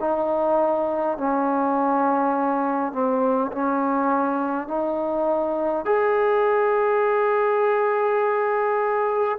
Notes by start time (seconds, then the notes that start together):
0.00 D#4
1.18 C#4
2.93 C4
3.52 C#4
4.68 D#4
5.85 G#4